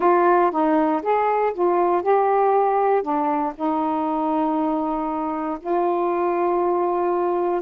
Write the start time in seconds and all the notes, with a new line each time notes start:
0.00 F4
0.51 D#4
1.02 G#4
1.53 F4
2.02 G4
3.02 D4
3.55 D#4
5.60 F4